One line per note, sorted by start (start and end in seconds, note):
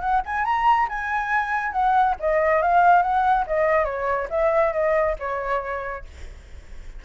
0.00 0.21 F#5
0.25 0.45 G#5
0.45 0.87 A#5
0.89 1.72 G#5
1.72 2.15 F#5
2.20 2.62 D#5
2.62 3.02 F5
3.02 3.45 F#5
3.46 3.85 D#5
3.85 4.28 C#5
4.30 4.73 E5
4.73 5.16 D#5
5.19 6.05 C#5